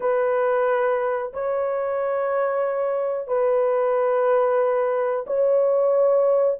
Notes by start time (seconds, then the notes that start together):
0.00 B4
1.33 C#5
3.27 B4
5.26 C#5